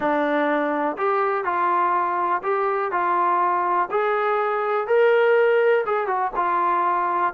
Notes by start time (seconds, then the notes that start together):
0.00 D4
0.97 G4
1.44 F4
2.42 G4
2.91 F4
3.90 G#4
4.87 A#4
5.86 G#4
6.07 F#4
6.35 F4